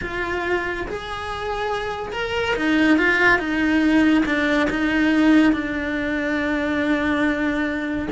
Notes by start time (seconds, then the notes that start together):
0.01 F4
0.87 G#4
2.12 A#4
2.56 D#4
2.98 F4
3.38 D#4
4.25 D4
4.69 D#4
5.52 D4